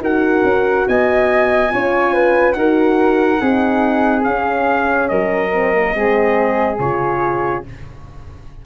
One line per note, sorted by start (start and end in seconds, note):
0.00 0.42 D#4
0.00 1.69 F#4
0.00 0.87 A#4
0.00 0.88 F#5
0.44 0.86 C#4
0.88 1.73 B3
0.88 1.72 D#5
0.88 2.53 G#5
1.69 2.55 C#4
1.69 2.54 F4
1.69 2.13 C#5
2.13 2.55 B4
2.53 3.40 D#4
2.53 3.39 F#4
2.53 3.41 A#4
2.53 4.22 F#5
3.39 4.26 C4
3.39 4.24 D#4
3.39 5.10 G#4
4.24 5.52 C#4
4.24 5.10 C#4
4.24 5.08 F5
5.08 5.95 F#3
5.08 5.95 A#4
5.08 6.77 D#5
5.53 5.73 C4
5.73 5.93 A#3
5.93 6.79 G#3
5.93 6.78 C4
5.93 7.65 G#4
6.79 7.63 C#3
6.79 7.65 F4
6.79 7.64 C#5